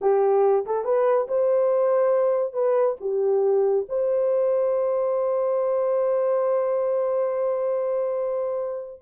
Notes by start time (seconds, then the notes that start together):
0.01 G4
0.65 A4
0.84 B4
1.28 C5
2.53 B4
3.00 G4
3.88 C5